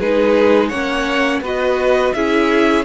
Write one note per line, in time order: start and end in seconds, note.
0.00 0.72 G#3
0.00 0.72 D#4
0.00 0.69 G#4
0.00 0.69 B4
0.69 1.41 A#3
0.69 1.43 C#4
0.69 1.40 C#5
0.69 1.41 F#5
1.41 2.12 B3
1.41 2.15 F#4
1.41 2.15 B4
1.41 2.14 D#5
2.14 2.85 C#4
2.14 2.85 E4
2.14 2.85 G#4
2.14 2.85 E5